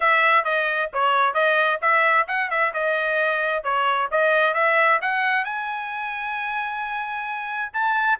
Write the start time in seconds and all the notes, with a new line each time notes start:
0.00 E5
0.44 D#5
0.93 C#5
1.34 D#5
1.81 E5
2.27 F#5
2.50 E5
2.73 D#5
3.63 C#5
4.11 D#5
4.54 E5
5.01 F#5
5.44 G#5
7.73 A5